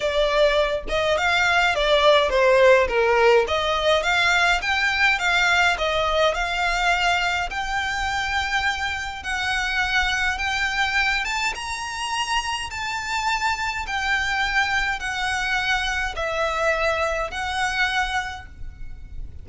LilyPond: \new Staff \with { instrumentName = "violin" } { \time 4/4 \tempo 4 = 104 d''4. dis''8 f''4 d''4 | c''4 ais'4 dis''4 f''4 | g''4 f''4 dis''4 f''4~ | f''4 g''2. |
fis''2 g''4. a''8 | ais''2 a''2 | g''2 fis''2 | e''2 fis''2 | }